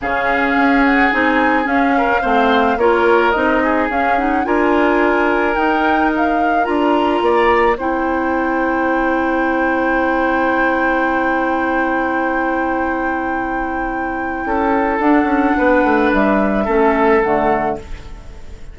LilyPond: <<
  \new Staff \with { instrumentName = "flute" } { \time 4/4 \tempo 4 = 108 f''4. fis''8 gis''4 f''4~ | f''4 cis''4 dis''4 f''8 fis''8 | gis''2 g''4 f''4 | ais''2 g''2~ |
g''1~ | g''1~ | g''2. fis''4~ | fis''4 e''2 fis''4 | }
  \new Staff \with { instrumentName = "oboe" } { \time 4/4 gis'2.~ gis'8 ais'8 | c''4 ais'4. gis'4. | ais'1~ | ais'4 d''4 c''2~ |
c''1~ | c''1~ | c''2 a'2 | b'2 a'2 | }
  \new Staff \with { instrumentName = "clarinet" } { \time 4/4 cis'2 dis'4 cis'4 | c'4 f'4 dis'4 cis'8 dis'8 | f'2 dis'2 | f'2 e'2~ |
e'1~ | e'1~ | e'2. d'4~ | d'2 cis'4 a4 | }
  \new Staff \with { instrumentName = "bassoon" } { \time 4/4 cis4 cis'4 c'4 cis'4 | a4 ais4 c'4 cis'4 | d'2 dis'2 | d'4 ais4 c'2~ |
c'1~ | c'1~ | c'2 cis'4 d'8 cis'8 | b8 a8 g4 a4 d4 | }
>>